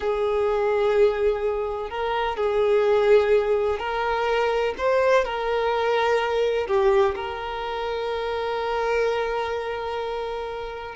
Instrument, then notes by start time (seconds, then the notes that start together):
violin
0.00 G#4
1.89 A#4
2.36 G#4
3.79 A#4
4.77 C5
5.24 A#4
6.67 G4
7.15 A#4